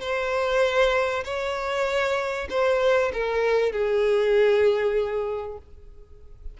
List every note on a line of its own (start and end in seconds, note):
0.00 1.24 C5
1.24 2.48 C#5
2.50 3.12 C5
3.13 3.72 A#4
3.72 5.58 G#4